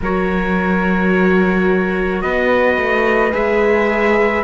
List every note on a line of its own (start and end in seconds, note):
0.01 2.23 F#3
0.01 3.31 F#4
0.01 2.22 A#4
0.01 2.21 C#5
2.21 2.77 B3
2.21 4.44 B4
2.21 3.32 D#5
2.77 3.33 A3
3.31 4.44 G#3
3.31 4.42 G#4
3.31 4.44 E5